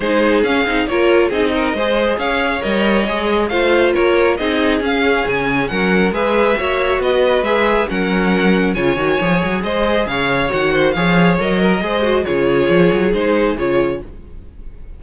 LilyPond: <<
  \new Staff \with { instrumentName = "violin" } { \time 4/4 \tempo 4 = 137 c''4 f''4 cis''4 dis''4~ | dis''4 f''4 dis''2 | f''4 cis''4 dis''4 f''4 | gis''4 fis''4 e''2 |
dis''4 e''4 fis''2 | gis''2 dis''4 f''4 | fis''4 f''4 dis''2 | cis''2 c''4 cis''4 | }
  \new Staff \with { instrumentName = "violin" } { \time 4/4 gis'2 ais'4 gis'8 ais'8 | c''4 cis''2. | c''4 ais'4 gis'2~ | gis'4 ais'4 b'4 cis''4 |
b'2 ais'2 | cis''2 c''4 cis''4~ | cis''8 c''8 cis''4. ais'8 c''4 | gis'1 | }
  \new Staff \with { instrumentName = "viola" } { \time 4/4 dis'4 cis'8 dis'8 f'4 dis'4 | gis'2 ais'4 gis'4 | f'2 dis'4 cis'4~ | cis'2 gis'4 fis'4~ |
fis'4 gis'4 cis'2 | f'8 fis'8 gis'2. | fis'4 gis'4 ais'4 gis'8 fis'8 | f'2 dis'4 f'4 | }
  \new Staff \with { instrumentName = "cello" } { \time 4/4 gis4 cis'8 c'8 ais4 c'4 | gis4 cis'4 g4 gis4 | a4 ais4 c'4 cis'4 | cis4 fis4 gis4 ais4 |
b4 gis4 fis2 | cis8 dis8 f8 fis8 gis4 cis4 | dis4 f4 fis4 gis4 | cis4 f8 fis8 gis4 cis4 | }
>>